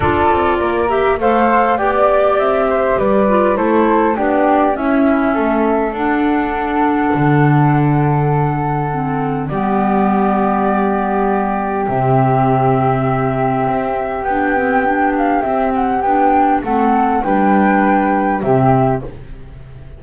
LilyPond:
<<
  \new Staff \with { instrumentName = "flute" } { \time 4/4 \tempo 4 = 101 d''4. e''8 f''4 g''16 d''8. | e''4 d''4 c''4 d''4 | e''2 fis''2~ | fis''1 |
d''1 | e''1 | g''4. f''8 e''8 fis''8 g''4 | fis''4 g''2 e''4 | }
  \new Staff \with { instrumentName = "flute" } { \time 4/4 a'4 ais'4 c''4 d''4~ | d''8 c''8 b'4 a'4 g'4 | e'4 a'2.~ | a'1 |
g'1~ | g'1~ | g'1 | a'4 b'2 g'4 | }
  \new Staff \with { instrumentName = "clarinet" } { \time 4/4 f'4. g'8 a'4 g'4~ | g'4. f'8 e'4 d'4 | cis'2 d'2~ | d'2. c'4 |
b1 | c'1 | d'8 c'8 d'4 c'4 d'4 | c'4 d'2 c'4 | }
  \new Staff \with { instrumentName = "double bass" } { \time 4/4 d'8 c'8 ais4 a4 b4 | c'4 g4 a4 b4 | cis'4 a4 d'2 | d1 |
g1 | c2. c'4 | b2 c'4 b4 | a4 g2 c4 | }
>>